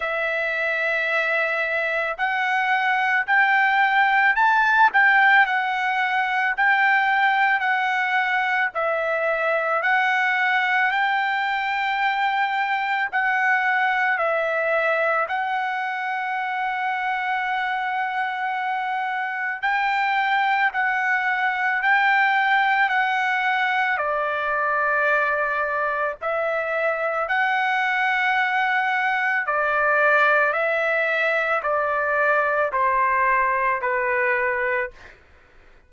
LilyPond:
\new Staff \with { instrumentName = "trumpet" } { \time 4/4 \tempo 4 = 55 e''2 fis''4 g''4 | a''8 g''8 fis''4 g''4 fis''4 | e''4 fis''4 g''2 | fis''4 e''4 fis''2~ |
fis''2 g''4 fis''4 | g''4 fis''4 d''2 | e''4 fis''2 d''4 | e''4 d''4 c''4 b'4 | }